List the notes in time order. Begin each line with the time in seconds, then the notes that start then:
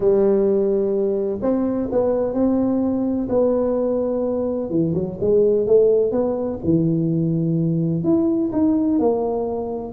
0.00 G3
1.41 C4
1.91 B3
2.33 C4
3.29 B3
4.69 E3
4.94 F#3
5.20 G#3
5.66 A3
6.11 B3
6.64 E3
8.03 E4
8.52 D#4
8.99 A#3